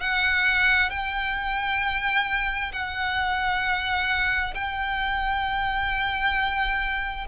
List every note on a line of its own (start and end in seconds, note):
0.00 0.90 F#5
0.90 2.71 G5
2.72 4.54 F#5
4.54 7.27 G5